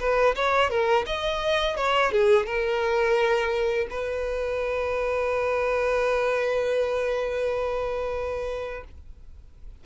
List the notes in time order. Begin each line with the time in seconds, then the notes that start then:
0.00 B4
0.35 C#5
0.70 A#4
1.06 D#5
1.76 C#5
2.12 G#4
2.46 A#4
3.90 B4